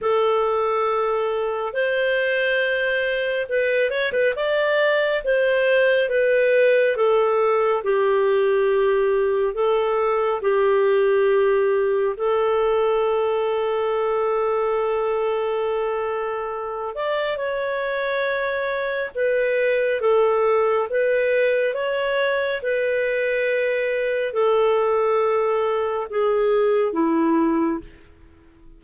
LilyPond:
\new Staff \with { instrumentName = "clarinet" } { \time 4/4 \tempo 4 = 69 a'2 c''2 | b'8 cis''16 b'16 d''4 c''4 b'4 | a'4 g'2 a'4 | g'2 a'2~ |
a'2.~ a'8 d''8 | cis''2 b'4 a'4 | b'4 cis''4 b'2 | a'2 gis'4 e'4 | }